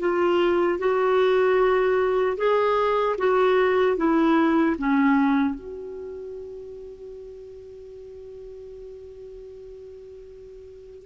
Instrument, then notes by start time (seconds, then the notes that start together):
clarinet
0.00 F4
0.79 F#4
2.37 G#4
3.18 F#4
3.97 E4
4.78 C#4
5.55 F#4